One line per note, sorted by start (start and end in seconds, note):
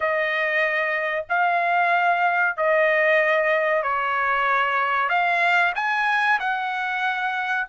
0.00 1.25 D#5
1.29 2.56 F5
2.56 3.83 D#5
3.83 5.09 C#5
5.09 5.72 F5
5.75 6.39 G#5
6.39 7.67 F#5